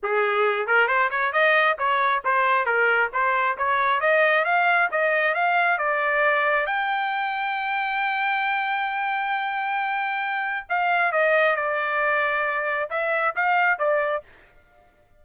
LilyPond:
\new Staff \with { instrumentName = "trumpet" } { \time 4/4 \tempo 4 = 135 gis'4. ais'8 c''8 cis''8 dis''4 | cis''4 c''4 ais'4 c''4 | cis''4 dis''4 f''4 dis''4 | f''4 d''2 g''4~ |
g''1~ | g''1 | f''4 dis''4 d''2~ | d''4 e''4 f''4 d''4 | }